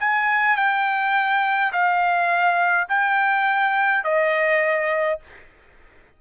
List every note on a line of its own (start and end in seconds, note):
0.00 0.57 G#5
0.57 1.72 G5
1.73 2.88 F5
2.89 4.04 G5
4.04 5.19 D#5